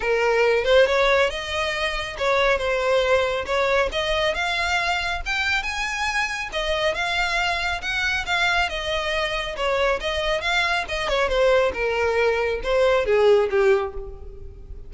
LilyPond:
\new Staff \with { instrumentName = "violin" } { \time 4/4 \tempo 4 = 138 ais'4. c''8 cis''4 dis''4~ | dis''4 cis''4 c''2 | cis''4 dis''4 f''2 | g''4 gis''2 dis''4 |
f''2 fis''4 f''4 | dis''2 cis''4 dis''4 | f''4 dis''8 cis''8 c''4 ais'4~ | ais'4 c''4 gis'4 g'4 | }